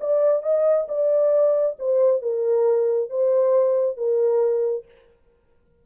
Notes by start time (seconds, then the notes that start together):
0.00 D5
0.43 D#5
0.88 D5
1.79 C5
2.22 A#4
3.09 C5
3.97 A#4